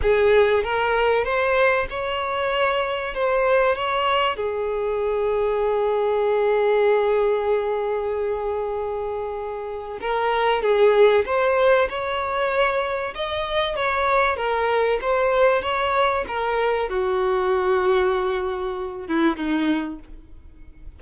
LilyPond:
\new Staff \with { instrumentName = "violin" } { \time 4/4 \tempo 4 = 96 gis'4 ais'4 c''4 cis''4~ | cis''4 c''4 cis''4 gis'4~ | gis'1~ | gis'1 |
ais'4 gis'4 c''4 cis''4~ | cis''4 dis''4 cis''4 ais'4 | c''4 cis''4 ais'4 fis'4~ | fis'2~ fis'8 e'8 dis'4 | }